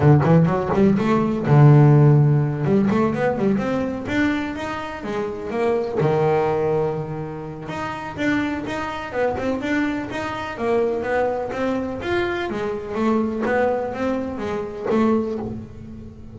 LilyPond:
\new Staff \with { instrumentName = "double bass" } { \time 4/4 \tempo 4 = 125 d8 e8 fis8 g8 a4 d4~ | d4. g8 a8 b8 g8 c'8~ | c'8 d'4 dis'4 gis4 ais8~ | ais8 dis2.~ dis8 |
dis'4 d'4 dis'4 b8 c'8 | d'4 dis'4 ais4 b4 | c'4 f'4 gis4 a4 | b4 c'4 gis4 a4 | }